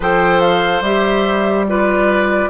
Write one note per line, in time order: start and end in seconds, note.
0.00 0.80 F3
0.00 0.85 A4
0.00 1.65 C5
0.00 0.40 G5
0.40 0.82 F5
0.80 2.47 G3
0.80 1.67 G4
0.80 1.66 E5
1.67 2.49 F4
1.67 2.49 B4
1.67 2.49 D5